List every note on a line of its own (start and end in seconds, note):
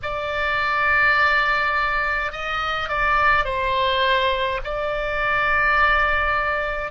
0.02 2.31 D5
2.31 2.88 D#5
2.88 3.45 D5
3.45 4.60 C5
4.64 6.91 D5